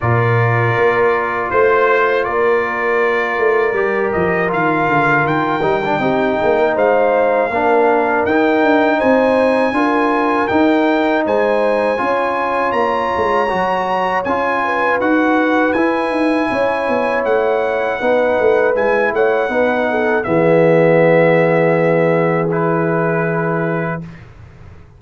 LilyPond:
<<
  \new Staff \with { instrumentName = "trumpet" } { \time 4/4 \tempo 4 = 80 d''2 c''4 d''4~ | d''4. dis''8 f''4 g''4~ | g''4 f''2 g''4 | gis''2 g''4 gis''4~ |
gis''4 ais''2 gis''4 | fis''4 gis''2 fis''4~ | fis''4 gis''8 fis''4. e''4~ | e''2 b'2 | }
  \new Staff \with { instrumentName = "horn" } { \time 4/4 ais'2 c''4 ais'4~ | ais'1 | g'8 gis'16 ais'16 c''4 ais'2 | c''4 ais'2 c''4 |
cis''2.~ cis''8 b'8~ | b'2 cis''2 | b'4. cis''8 b'8 a'8 gis'4~ | gis'1 | }
  \new Staff \with { instrumentName = "trombone" } { \time 4/4 f'1~ | f'4 g'4 f'4. dis'16 d'16 | dis'2 d'4 dis'4~ | dis'4 f'4 dis'2 |
f'2 fis'4 f'4 | fis'4 e'2. | dis'4 e'4 dis'4 b4~ | b2 e'2 | }
  \new Staff \with { instrumentName = "tuba" } { \time 4/4 ais,4 ais4 a4 ais4~ | ais8 a8 g8 f8 dis8 d8 dis8 g8 | c'8 ais8 gis4 ais4 dis'8 d'8 | c'4 d'4 dis'4 gis4 |
cis'4 ais8 gis8 fis4 cis'4 | dis'4 e'8 dis'8 cis'8 b8 a4 | b8 a8 gis8 a8 b4 e4~ | e1 | }
>>